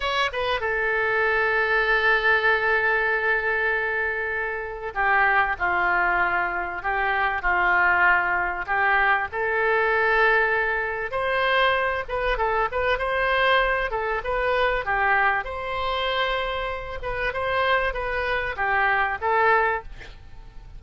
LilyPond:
\new Staff \with { instrumentName = "oboe" } { \time 4/4 \tempo 4 = 97 cis''8 b'8 a'2.~ | a'1 | g'4 f'2 g'4 | f'2 g'4 a'4~ |
a'2 c''4. b'8 | a'8 b'8 c''4. a'8 b'4 | g'4 c''2~ c''8 b'8 | c''4 b'4 g'4 a'4 | }